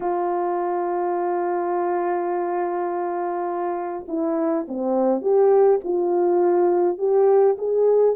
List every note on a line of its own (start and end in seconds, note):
0.00 4.05 F4
4.08 4.66 E4
4.68 5.21 C4
5.21 5.80 G4
5.84 6.97 F4
6.97 7.56 G4
7.58 8.15 G#4